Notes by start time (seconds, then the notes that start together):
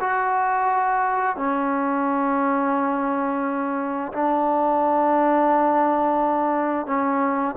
0.00 F#4
1.36 C#4
4.13 D4
6.86 C#4